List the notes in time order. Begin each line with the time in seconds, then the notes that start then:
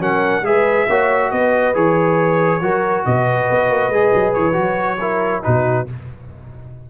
0.00 F#3 C#4 A#4 F#5
0.42 G#3 G#4 B4 E5
0.87 A#3 F#4 C#5
1.31 B3 B4 D#5
1.74 E3 G#4 C#5
2.61 F#3 F#4 A#4
3.05 B2 B4 D#5
3.51 B3
3.70 A#3
3.89 G#3 G#4
4.14 F#3
4.34 E3 C#5
4.53 F#3 F#4
4.99 E4 A#4
5.43 B2 D#4 F#4 B4